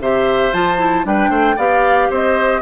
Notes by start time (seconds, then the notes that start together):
0.00 C3 G4 C5 E5
0.53 F3 F4 A5
0.78 E4
1.04 G3 D4 B4 G5
1.30 A3 C5
1.56 B3 G4 D5 F5
2.10 C4 C5 D#5